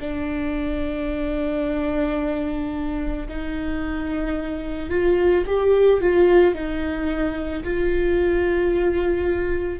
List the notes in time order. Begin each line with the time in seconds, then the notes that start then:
0.00 D4
3.29 D#4
4.90 F4
5.46 G4
6.00 F4
6.54 D#4
7.64 F4